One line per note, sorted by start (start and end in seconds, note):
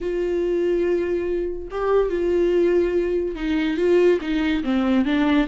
0.00 1.68 F4
1.71 2.09 G4
2.09 3.35 F4
3.35 3.77 D#4
3.77 4.19 F4
4.21 4.63 D#4
4.63 5.05 C4
5.05 5.47 D4